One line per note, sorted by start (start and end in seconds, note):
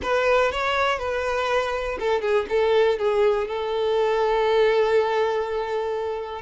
0.02 0.51 B4
0.51 0.98 C#5
0.98 1.98 B4
1.99 2.21 A4
2.21 2.45 G#4
2.49 2.98 A4
2.98 3.47 G#4
3.47 6.41 A4